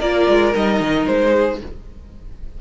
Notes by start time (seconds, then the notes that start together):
0.00 A#3 F4 A#4 D5
0.28 G#3
0.54 G3 D#4 D#5
0.80 D#3
1.07 G#3 C5
1.31 G#4